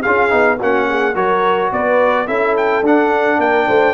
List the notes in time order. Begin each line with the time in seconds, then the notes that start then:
0.00 G#4 F5
0.06 C#4 F4
0.29 B3 D#4
0.59 A#3 C#4 F#4 F#5
0.87 G#4
1.14 F#3 F#4 A#4 C#5
1.72 B3 B4 D5
2.26 C#4 E4 A4 E5
2.57 G5
2.82 D4 F#5
3.38 A#3 A#4 G5
3.67 A3 C5